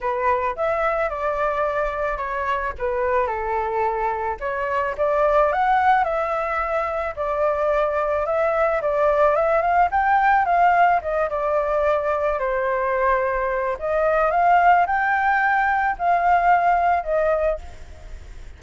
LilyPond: \new Staff \with { instrumentName = "flute" } { \time 4/4 \tempo 4 = 109 b'4 e''4 d''2 | cis''4 b'4 a'2 | cis''4 d''4 fis''4 e''4~ | e''4 d''2 e''4 |
d''4 e''8 f''8 g''4 f''4 | dis''8 d''2 c''4.~ | c''4 dis''4 f''4 g''4~ | g''4 f''2 dis''4 | }